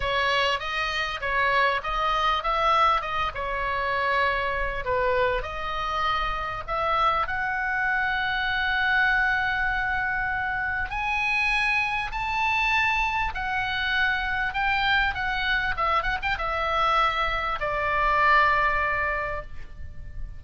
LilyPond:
\new Staff \with { instrumentName = "oboe" } { \time 4/4 \tempo 4 = 99 cis''4 dis''4 cis''4 dis''4 | e''4 dis''8 cis''2~ cis''8 | b'4 dis''2 e''4 | fis''1~ |
fis''2 gis''2 | a''2 fis''2 | g''4 fis''4 e''8 fis''16 g''16 e''4~ | e''4 d''2. | }